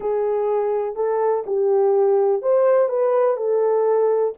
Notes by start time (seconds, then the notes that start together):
0.00 G#4
0.95 A4
1.46 G4
2.42 C5
2.88 B4
3.37 A4